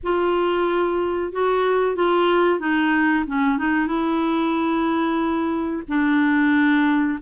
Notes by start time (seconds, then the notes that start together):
0.03 F4
1.32 F#4
1.95 F4
2.59 D#4
3.26 C#4
3.58 D#4
3.87 E4
5.88 D4